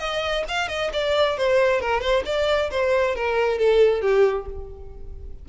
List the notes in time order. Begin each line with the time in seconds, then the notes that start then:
0.00 D#5
0.49 F5
0.69 D#5
0.93 D5
1.38 C5
1.81 A#4
2.01 C5
2.26 D5
2.71 C5
3.16 A#4
3.59 A4
4.02 G4